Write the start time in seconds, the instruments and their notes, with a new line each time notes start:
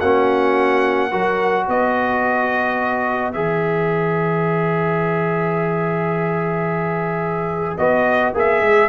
0.00 tuba A#3, trombone C#4, horn F#4, trumpet F#5
1.11 tuba F#3, trombone F#4, horn A#4
1.66 tuba B3, horn B4, trumpet D#5
3.33 tuba E3, trombone G#4, trumpet E5
7.78 tuba B3, trombone F#4, trumpet D#5
8.34 tuba A#3, trombone G#4, trumpet E5
8.62 tuba G#3